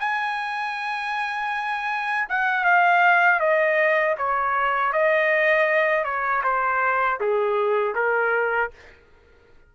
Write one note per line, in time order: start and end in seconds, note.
0.00 2.28 G#5
2.29 2.64 F#5
2.64 3.40 F5
3.40 4.16 D#5
4.18 4.93 C#5
4.93 6.04 D#5
6.04 6.42 C#5
6.44 7.20 C5
7.20 7.95 G#4
7.95 8.71 A#4